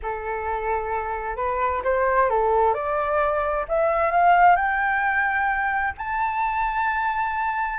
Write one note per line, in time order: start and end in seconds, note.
0.02 1.36 A4
1.36 1.82 B4
1.84 2.29 C5
2.29 2.74 A4
2.74 3.65 D5
3.68 4.11 E5
4.11 4.56 F5
4.56 5.93 G5
5.97 7.79 A5